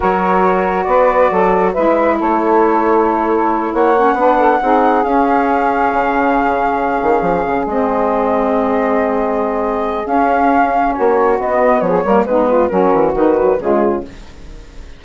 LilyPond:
<<
  \new Staff \with { instrumentName = "flute" } { \time 4/4 \tempo 4 = 137 cis''2 d''2 | e''4 cis''2.~ | cis''8 fis''2. f''8~ | f''1~ |
f''4. dis''2~ dis''8~ | dis''2. f''4~ | f''4 cis''4 dis''4 cis''4 | b'4 ais'4 b'4 gis'4 | }
  \new Staff \with { instrumentName = "saxophone" } { \time 4/4 ais'2 b'4 a'4 | b'4 a'2.~ | a'8 cis''4 b'8 a'8 gis'4.~ | gis'1~ |
gis'1~ | gis'1~ | gis'4 fis'2 gis'8 ais'8 | dis'8 f'8 fis'2 f'4 | }
  \new Staff \with { instrumentName = "saxophone" } { \time 4/4 fis'1 | e'1~ | e'4 cis'8 d'4 dis'4 cis'8~ | cis'1~ |
cis'4. c'2~ c'8~ | c'2. cis'4~ | cis'2 b4. ais8 | b4 cis'4 dis'8 fis8 gis4 | }
  \new Staff \with { instrumentName = "bassoon" } { \time 4/4 fis2 b4 fis4 | gis4 a2.~ | a8 ais4 b4 c'4 cis'8~ | cis'4. cis2~ cis8 |
dis8 f8 cis8 gis2~ gis8~ | gis2. cis'4~ | cis'4 ais4 b4 f8 g8 | gis4 fis8 e8 dis4 cis4 | }
>>